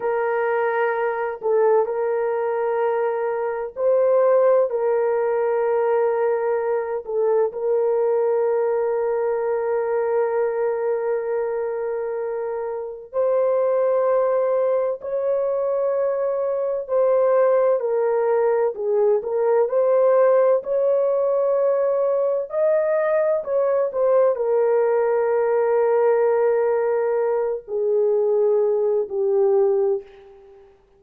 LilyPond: \new Staff \with { instrumentName = "horn" } { \time 4/4 \tempo 4 = 64 ais'4. a'8 ais'2 | c''4 ais'2~ ais'8 a'8 | ais'1~ | ais'2 c''2 |
cis''2 c''4 ais'4 | gis'8 ais'8 c''4 cis''2 | dis''4 cis''8 c''8 ais'2~ | ais'4. gis'4. g'4 | }